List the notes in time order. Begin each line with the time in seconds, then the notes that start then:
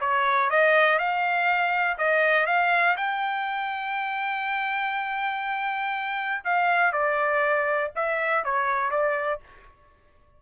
0.00 C#5
0.50 D#5
0.98 F5
1.97 D#5
2.46 F5
2.97 G5
6.44 F5
6.92 D5
7.95 E5
8.44 C#5
8.90 D5